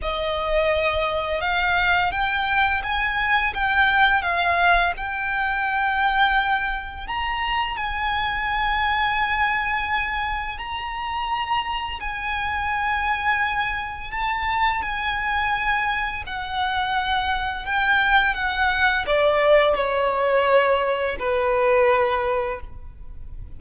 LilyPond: \new Staff \with { instrumentName = "violin" } { \time 4/4 \tempo 4 = 85 dis''2 f''4 g''4 | gis''4 g''4 f''4 g''4~ | g''2 ais''4 gis''4~ | gis''2. ais''4~ |
ais''4 gis''2. | a''4 gis''2 fis''4~ | fis''4 g''4 fis''4 d''4 | cis''2 b'2 | }